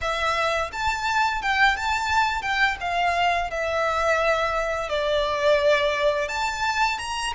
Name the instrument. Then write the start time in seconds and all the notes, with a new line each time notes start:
violin
0.01 E5
0.72 A5
1.41 G5
1.76 A5
2.42 G5
2.80 F5
3.50 E5
4.89 D5
6.28 A5
6.98 A#5